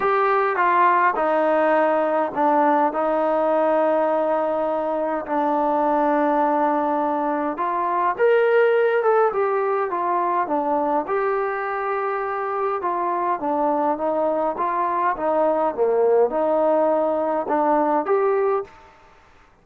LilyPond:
\new Staff \with { instrumentName = "trombone" } { \time 4/4 \tempo 4 = 103 g'4 f'4 dis'2 | d'4 dis'2.~ | dis'4 d'2.~ | d'4 f'4 ais'4. a'8 |
g'4 f'4 d'4 g'4~ | g'2 f'4 d'4 | dis'4 f'4 dis'4 ais4 | dis'2 d'4 g'4 | }